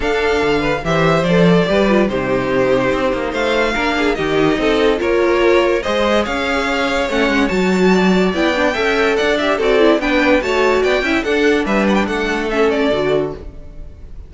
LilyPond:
<<
  \new Staff \with { instrumentName = "violin" } { \time 4/4 \tempo 4 = 144 f''2 e''4 d''4~ | d''4 c''2. | f''2 dis''2 | cis''2 dis''4 f''4~ |
f''4 fis''4 a''2 | g''2 fis''8 e''8 d''4 | g''4 a''4 g''4 fis''4 | e''8 fis''16 g''16 fis''4 e''8 d''4. | }
  \new Staff \with { instrumentName = "violin" } { \time 4/4 a'4. b'8 c''2 | b'4 g'2. | c''4 ais'8 gis'8 g'4 a'4 | ais'2 c''4 cis''4~ |
cis''2. d''4~ | d''4 e''4 d''4 a'4 | b'4 cis''4 d''8 e''8 a'4 | b'4 a'2. | }
  \new Staff \with { instrumentName = "viola" } { \time 4/4 d'2 g'4 a'4 | g'8 f'8 dis'2.~ | dis'4 d'4 dis'2 | f'2 gis'2~ |
gis'4 cis'4 fis'2 | e'8 d'8 a'4. g'8 fis'8 e'8 | d'4 fis'4. e'8 d'4~ | d'2 cis'4 fis'4 | }
  \new Staff \with { instrumentName = "cello" } { \time 4/4 d'4 d4 e4 f4 | g4 c2 c'8 ais8 | a4 ais4 dis4 c'4 | ais2 gis4 cis'4~ |
cis'4 a8 gis8 fis2 | b4 cis'4 d'4 c'4 | b4 a4 b8 cis'8 d'4 | g4 a2 d4 | }
>>